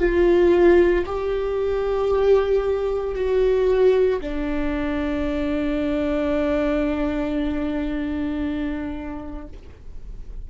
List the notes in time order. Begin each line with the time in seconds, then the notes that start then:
0.00 F4
1.06 G4
3.15 F#4
4.22 D4